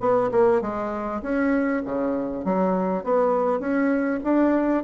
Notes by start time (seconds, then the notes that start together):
0.00 B3
0.31 A#3
0.61 G#3
1.22 C#4
1.85 C#3
2.45 F#3
3.04 B3
3.59 C#4
4.24 D4